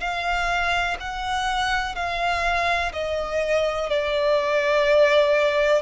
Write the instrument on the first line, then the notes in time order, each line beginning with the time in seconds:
violin
0.00 F5
1.00 F#5
1.96 F5
2.93 D#5
3.90 D5